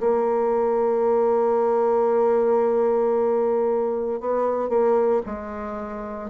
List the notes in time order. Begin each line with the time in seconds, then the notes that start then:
0.00 A#3
4.21 B3
4.69 A#3
5.26 G#3